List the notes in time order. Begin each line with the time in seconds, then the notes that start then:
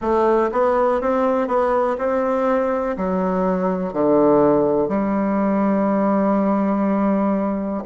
0.01 A3
0.52 B3
1.01 C4
1.47 B3
1.98 C4
2.96 F#3
3.93 D3
4.88 G3